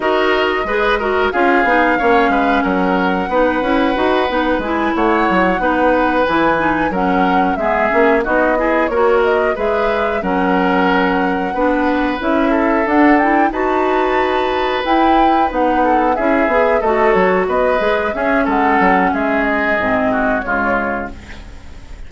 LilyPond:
<<
  \new Staff \with { instrumentName = "flute" } { \time 4/4 \tempo 4 = 91 dis''2 f''2 | fis''2. gis''8 fis''8~ | fis''4. gis''4 fis''4 e''8~ | e''8 dis''4 cis''8 dis''8 e''4 fis''8~ |
fis''2~ fis''8 e''4 fis''8 | g''8 a''2 g''4 fis''8~ | fis''8 e''4 dis''8 cis''8 dis''4 e''8 | fis''4 e''8 dis''4. cis''4 | }
  \new Staff \with { instrumentName = "oboe" } { \time 4/4 ais'4 b'8 ais'8 gis'4 cis''8 b'8 | ais'4 b'2~ b'8 cis''8~ | cis''8 b'2 ais'4 gis'8~ | gis'8 fis'8 gis'8 ais'4 b'4 ais'8~ |
ais'4. b'4. a'4~ | a'8 b'2.~ b'8 | a'8 gis'4 a'4 b'4 gis'8 | a'4 gis'4. fis'8 f'4 | }
  \new Staff \with { instrumentName = "clarinet" } { \time 4/4 fis'4 gis'8 fis'8 f'8 dis'8 cis'4~ | cis'4 dis'8 e'8 fis'8 dis'8 e'4~ | e'8 dis'4 e'8 dis'8 cis'4 b8 | cis'8 dis'8 e'8 fis'4 gis'4 cis'8~ |
cis'4. d'4 e'4 d'8 | e'8 fis'2 e'4 dis'8~ | dis'8 e'8 gis'8 fis'4. gis'8 cis'8~ | cis'2 c'4 gis4 | }
  \new Staff \with { instrumentName = "bassoon" } { \time 4/4 dis'4 gis4 cis'8 b8 ais8 gis8 | fis4 b8 cis'8 dis'8 b8 gis8 a8 | fis8 b4 e4 fis4 gis8 | ais8 b4 ais4 gis4 fis8~ |
fis4. b4 cis'4 d'8~ | d'8 dis'2 e'4 b8~ | b8 cis'8 b8 a8 fis8 b8 gis8 cis'8 | gis8 fis8 gis4 gis,4 cis4 | }
>>